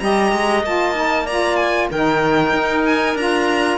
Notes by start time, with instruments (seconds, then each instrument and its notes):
0.00 cello G3, saxophone G4, clarinet D#5, violin A#5
0.32 cello G#3
0.63 cello A#3, saxophone F4, violin A5
0.94 saxophone D#4
1.26 saxophone F4, clarinet D5, violin A#5
1.56 violin G#5
1.91 cello D#3, saxophone D#4, clarinet A#4, violin G5
2.53 cello D#4
2.86 violin G#5
3.15 cello D4, saxophone F4, violin A#5